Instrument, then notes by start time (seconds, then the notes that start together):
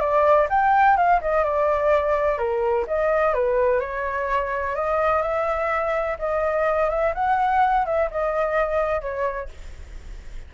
flute
0.00 D5
0.50 G5
0.97 F5
1.21 D#5
1.44 D5
2.38 A#4
2.87 D#5
3.34 B4
3.80 C#5
4.75 D#5
5.22 E5
6.19 D#5
6.90 E5
7.14 F#5
7.86 E5
8.11 D#5
9.01 C#5